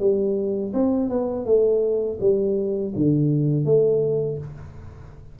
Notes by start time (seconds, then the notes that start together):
0.00 G3
0.74 C4
1.10 B3
1.46 A3
2.21 G3
2.96 D3
3.66 A3